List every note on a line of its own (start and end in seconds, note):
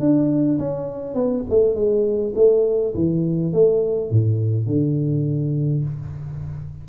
0.00 0.59 D4
0.59 1.15 C#4
1.15 1.44 B3
1.50 1.75 A3
1.75 2.34 G#3
2.36 2.94 A3
2.95 3.53 E3
3.53 4.11 A3
4.11 4.67 A2
4.67 5.84 D3